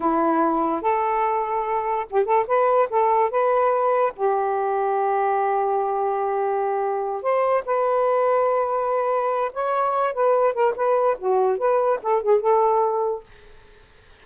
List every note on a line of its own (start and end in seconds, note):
0.00 0.81 E4
0.81 2.06 A4
2.10 2.25 G4
2.25 2.46 A4
2.47 2.88 B4
2.90 3.30 A4
3.30 4.13 B4
4.16 7.22 G4
7.22 7.63 C5
7.65 9.51 B4
9.53 10.13 C#5
10.13 10.53 B4
10.53 10.74 A#4
10.75 11.17 B4
11.18 11.58 F#4
11.58 11.99 B4
12.02 12.22 A4
12.22 12.40 G#4
12.40 13.23 A4